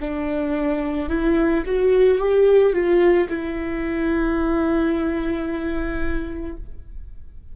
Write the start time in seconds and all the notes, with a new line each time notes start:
0.00 D4
1.09 E4
1.66 F#4
2.18 G4
2.73 F4
3.29 E4